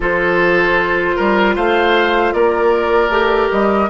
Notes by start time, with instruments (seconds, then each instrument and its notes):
0.00 bassoon F3, clarinet F4, oboe A4, flute C5
1.16 bassoon G3, oboe A#4
1.55 bassoon A3, oboe C5, flute F5
2.33 bassoon A#3, oboe A#4, flute D5
3.09 bassoon A3, clarinet G4
3.51 bassoon G3, flute D#5